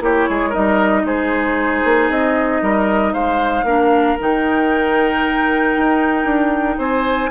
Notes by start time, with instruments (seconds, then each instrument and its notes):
0.00 bassoon A#3, clarinet E4, oboe G4, flute C#5
0.29 bassoon G#3, oboe G#4
0.49 clarinet D#4, oboe A#4, flute D#5
0.56 bassoon G3
1.04 bassoon G#3, oboe G#4, flute C5
1.84 bassoon A#3
2.10 bassoon C4, flute D#5
2.62 bassoon G3, oboe A#4
3.13 bassoon G#3, oboe C5, flute F5
3.63 bassoon A#3, clarinet D4, oboe A#4
4.19 bassoon D#3, clarinet D#4, flute G5
5.76 bassoon D#4
6.25 bassoon D4
6.77 bassoon C4, oboe C5, flute G#5